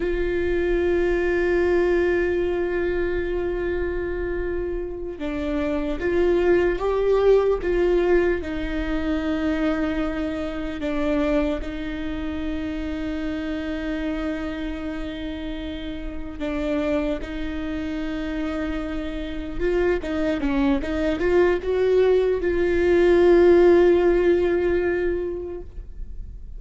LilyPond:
\new Staff \with { instrumentName = "viola" } { \time 4/4 \tempo 4 = 75 f'1~ | f'2~ f'8 d'4 f'8~ | f'8 g'4 f'4 dis'4.~ | dis'4. d'4 dis'4.~ |
dis'1~ | dis'8 d'4 dis'2~ dis'8~ | dis'8 f'8 dis'8 cis'8 dis'8 f'8 fis'4 | f'1 | }